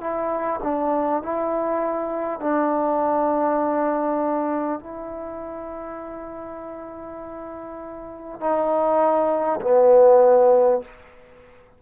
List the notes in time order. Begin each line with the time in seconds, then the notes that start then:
0.00 E4
0.62 D4
1.22 E4
2.40 D4
4.80 E4
8.40 D#4
9.61 B3